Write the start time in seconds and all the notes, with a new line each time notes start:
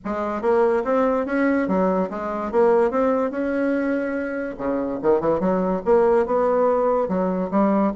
0.04 G#3
0.41 A#3
0.84 C4
1.26 C#4
1.67 F#3
2.09 G#3
2.51 A#3
2.91 C4
3.30 C#4
4.57 C#3
5.02 D#3
5.20 E3
5.39 F#3
5.85 A#3
6.26 B3
7.08 F#3
7.51 G3